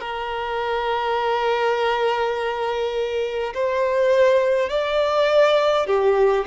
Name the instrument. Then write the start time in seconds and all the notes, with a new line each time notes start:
violin
0.00 A#4
3.54 C5
4.69 D5
5.87 G4